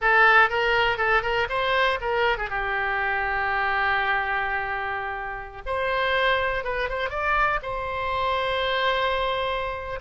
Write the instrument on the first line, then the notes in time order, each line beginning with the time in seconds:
oboe
0.01 A4
0.49 A#4
0.97 A4
1.22 A#4
1.49 C5
2.00 A#4
2.37 G#4
2.49 G4
5.66 C5
6.64 B4
6.89 C5
7.09 D5
7.62 C5